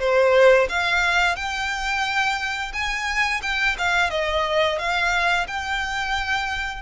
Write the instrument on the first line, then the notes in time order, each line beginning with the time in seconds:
violin
0.00 C5
0.69 F5
1.36 G5
2.73 G#5
3.42 G5
3.78 F5
4.11 D#5
4.79 F5
5.48 G5